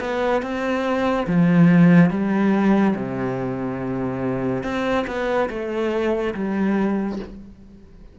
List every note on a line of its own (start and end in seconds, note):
0.00 0.42 B3
0.42 1.27 C4
1.27 2.10 F3
2.10 2.95 G3
2.95 4.63 C3
4.63 5.06 C4
5.07 5.49 B3
5.49 6.34 A3
6.34 7.19 G3